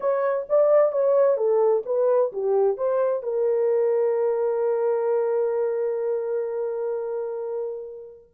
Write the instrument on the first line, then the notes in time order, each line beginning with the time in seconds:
horn
0.00 C#5
0.49 D5
0.91 C#5
1.37 A4
1.85 B4
2.32 G4
2.77 C5
3.22 A#4